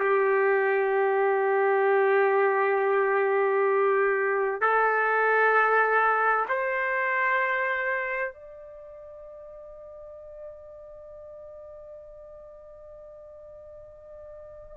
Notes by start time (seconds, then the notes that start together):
0.00 G4
4.61 A4
6.49 C5
8.33 D5